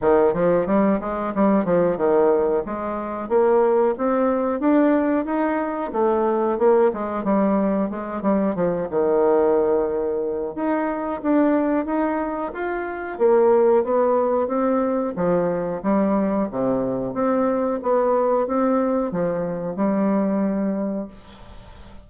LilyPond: \new Staff \with { instrumentName = "bassoon" } { \time 4/4 \tempo 4 = 91 dis8 f8 g8 gis8 g8 f8 dis4 | gis4 ais4 c'4 d'4 | dis'4 a4 ais8 gis8 g4 | gis8 g8 f8 dis2~ dis8 |
dis'4 d'4 dis'4 f'4 | ais4 b4 c'4 f4 | g4 c4 c'4 b4 | c'4 f4 g2 | }